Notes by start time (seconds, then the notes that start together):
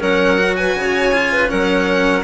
0.00 F#3 C#4 A#4 F#5
0.38 F#4
0.56 B4 G#5
0.75 C#3 C#5
1.13 F4
1.33 B4
1.49 F#3 C#4 A#4 F#5